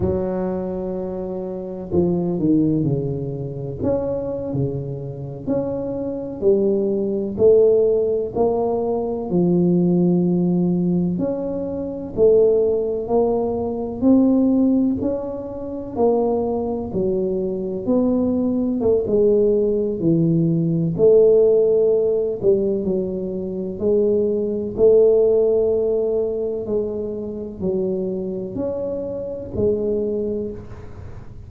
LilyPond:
\new Staff \with { instrumentName = "tuba" } { \time 4/4 \tempo 4 = 63 fis2 f8 dis8 cis4 | cis'8. cis4 cis'4 g4 a16~ | a8. ais4 f2 cis'16~ | cis'8. a4 ais4 c'4 cis'16~ |
cis'8. ais4 fis4 b4 a16 | gis4 e4 a4. g8 | fis4 gis4 a2 | gis4 fis4 cis'4 gis4 | }